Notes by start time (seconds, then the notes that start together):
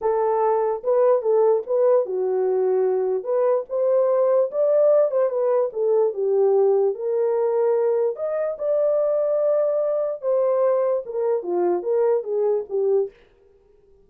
0.01 A4
0.83 B4
1.22 A4
1.66 B4
2.05 F#4
3.23 B4
3.69 C5
4.51 D5
5.11 C5
5.29 B4
5.73 A4
6.13 G4
6.94 A#4
8.16 D#5
8.58 D5
10.21 C5
11.05 A#4
11.42 F4
11.82 A#4
12.23 G#4
12.69 G4